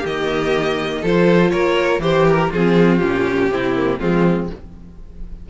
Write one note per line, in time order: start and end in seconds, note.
0.00 1.03 D#3
0.00 1.02 A#3
0.00 0.99 G4
0.00 1.05 D#5
1.01 1.52 F3
1.01 2.00 F4
1.01 1.51 A4
1.01 1.50 C5
1.50 1.99 A#3
1.50 2.02 A#4
1.50 2.00 C#5
1.99 2.48 E3
1.99 2.50 G4
1.99 2.49 G4
1.99 2.27 C5
2.27 2.52 A#4
2.49 3.02 F3
2.49 3.00 C4
2.49 3.48 F4
2.49 2.98 G#4
2.98 3.50 A#2
2.98 3.50 C#4
2.98 3.97 G4
3.50 3.99 C3
3.50 3.75 C4
3.50 3.99 E4
3.75 3.99 A#3
3.98 4.49 F3
3.98 4.49 G#3
3.98 4.48 C4
3.98 4.48 F4